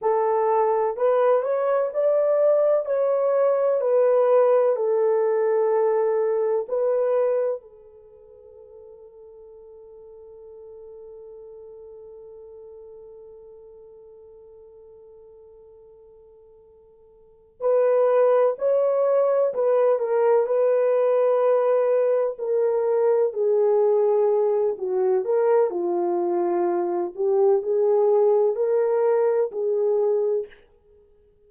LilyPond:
\new Staff \with { instrumentName = "horn" } { \time 4/4 \tempo 4 = 63 a'4 b'8 cis''8 d''4 cis''4 | b'4 a'2 b'4 | a'1~ | a'1~ |
a'2~ a'8 b'4 cis''8~ | cis''8 b'8 ais'8 b'2 ais'8~ | ais'8 gis'4. fis'8 ais'8 f'4~ | f'8 g'8 gis'4 ais'4 gis'4 | }